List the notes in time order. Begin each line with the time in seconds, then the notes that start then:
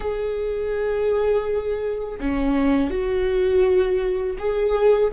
0.00 G#4
2.20 C#4
2.90 F#4
4.38 G#4